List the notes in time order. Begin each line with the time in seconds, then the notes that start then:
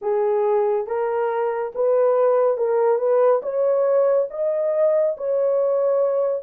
0.01 G#4
0.86 A#4
1.74 B4
2.57 A#4
2.98 B4
3.42 C#5
4.30 D#5
5.17 C#5